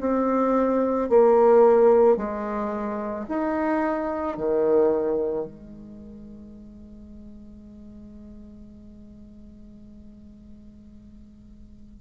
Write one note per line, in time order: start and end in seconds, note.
0.00 1.09 C4
1.09 2.17 A#3
2.17 3.26 G#3
3.28 4.37 D#4
4.37 5.46 D#3
5.46 12.00 G#3